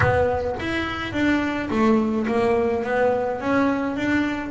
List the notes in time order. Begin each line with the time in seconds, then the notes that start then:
0.00 B3
0.59 E4
1.12 D4
1.70 A3
2.27 A#3
2.83 B3
3.40 C#4
3.96 D4